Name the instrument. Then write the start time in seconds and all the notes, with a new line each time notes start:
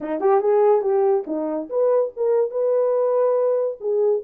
horn
0.00 D#4
0.20 G4
0.41 G#4
0.81 G4
1.26 D#4
1.69 B4
2.16 A#4
2.50 B4
3.80 G#4